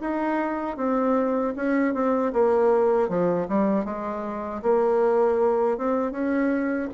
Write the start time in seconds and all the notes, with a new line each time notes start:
0.00 D#4
0.77 C4
1.56 C#4
1.93 C4
2.33 A#3
3.08 F3
3.48 G3
3.85 G#3
4.62 A#3
5.78 C4
6.12 C#4